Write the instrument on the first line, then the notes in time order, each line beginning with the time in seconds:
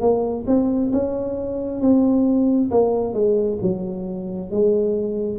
tuba
0.00 A#3
0.46 C4
0.92 C#4
1.80 C4
2.71 A#3
3.13 G#3
3.62 F#3
4.50 G#3